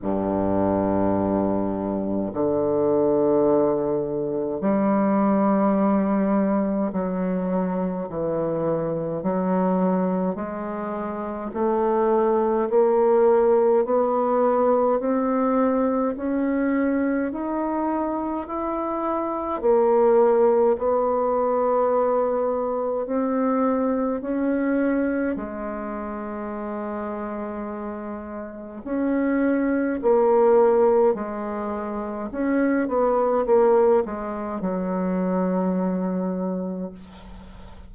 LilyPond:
\new Staff \with { instrumentName = "bassoon" } { \time 4/4 \tempo 4 = 52 g,2 d2 | g2 fis4 e4 | fis4 gis4 a4 ais4 | b4 c'4 cis'4 dis'4 |
e'4 ais4 b2 | c'4 cis'4 gis2~ | gis4 cis'4 ais4 gis4 | cis'8 b8 ais8 gis8 fis2 | }